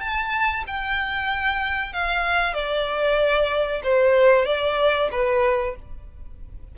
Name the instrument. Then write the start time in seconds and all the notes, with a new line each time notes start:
violin
0.00 A5
0.67 G5
1.93 F5
2.54 D5
3.83 C5
4.45 D5
5.11 B4